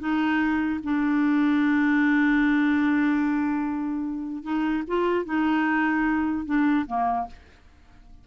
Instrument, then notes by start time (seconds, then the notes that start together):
clarinet
0.00 D#4
0.84 D4
4.43 D#4
4.88 F4
5.25 D#4
6.46 D4
6.87 A#3